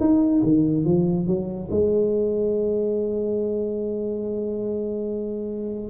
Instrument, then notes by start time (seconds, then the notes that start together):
tuba
0.00 D#4
0.43 D#3
0.85 F3
1.27 F#3
1.71 G#3